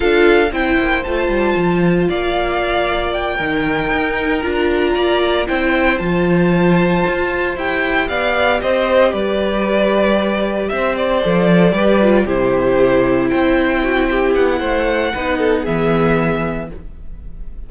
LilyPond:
<<
  \new Staff \with { instrumentName = "violin" } { \time 4/4 \tempo 4 = 115 f''4 g''4 a''2 | f''2 g''2~ | g''8 ais''2 g''4 a''8~ | a''2~ a''8 g''4 f''8~ |
f''8 dis''4 d''2~ d''8~ | d''8 e''8 d''2~ d''8 c''8~ | c''4. g''2 fis''8~ | fis''2 e''2 | }
  \new Staff \with { instrumentName = "violin" } { \time 4/4 a'4 c''2. | d''2~ d''8 ais'4.~ | ais'4. d''4 c''4.~ | c''2.~ c''8 d''8~ |
d''8 c''4 b'2~ b'8~ | b'8 c''2 b'4 g'8~ | g'4. c''4 fis'8 g'4 | c''4 b'8 a'8 gis'2 | }
  \new Staff \with { instrumentName = "viola" } { \time 4/4 f'4 e'4 f'2~ | f'2~ f'8 dis'4.~ | dis'8 f'2 e'4 f'8~ | f'2~ f'8 g'4.~ |
g'1~ | g'4. a'4 g'8 f'8 e'8~ | e'1~ | e'4 dis'4 b2 | }
  \new Staff \with { instrumentName = "cello" } { \time 4/4 d'4 c'8 ais8 a8 g8 f4 | ais2~ ais8 dis4 dis'8~ | dis'8 d'4 ais4 c'4 f8~ | f4. f'4 e'4 b8~ |
b8 c'4 g2~ g8~ | g8 c'4 f4 g4 c8~ | c4. c'2 b8 | a4 b4 e2 | }
>>